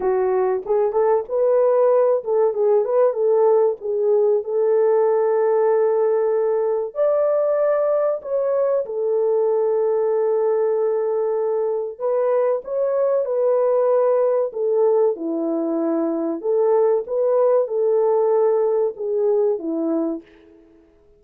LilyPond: \new Staff \with { instrumentName = "horn" } { \time 4/4 \tempo 4 = 95 fis'4 gis'8 a'8 b'4. a'8 | gis'8 b'8 a'4 gis'4 a'4~ | a'2. d''4~ | d''4 cis''4 a'2~ |
a'2. b'4 | cis''4 b'2 a'4 | e'2 a'4 b'4 | a'2 gis'4 e'4 | }